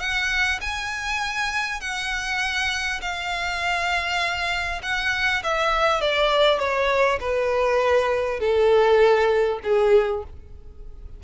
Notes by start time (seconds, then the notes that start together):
0.00 F#5
0.61 G#5
1.81 F#5
3.02 F5
4.83 F#5
5.44 E5
6.01 D5
6.59 C#5
7.21 B4
8.40 A4
9.64 G#4